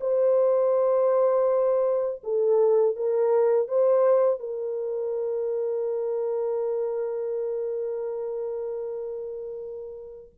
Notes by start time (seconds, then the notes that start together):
0.00 C5
2.23 A4
2.96 A#4
3.67 C5
4.39 A#4